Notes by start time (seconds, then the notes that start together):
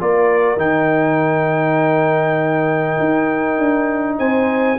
0.00 A#3 F4 A#4 D5
0.57 D#3 D#4 G5
3.00 D#4
3.59 D4
4.19 C4 C5 G#5